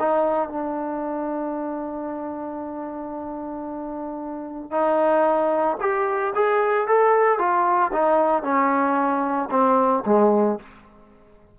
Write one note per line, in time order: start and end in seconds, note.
0.00 0.50 D#4
0.50 4.72 D4
4.72 5.78 D#4
5.81 6.34 G4
6.36 6.88 G#4
6.88 7.39 A4
7.39 7.92 F4
7.93 8.44 D#4
8.44 9.50 C#4
9.51 10.04 C4
10.06 10.59 G#3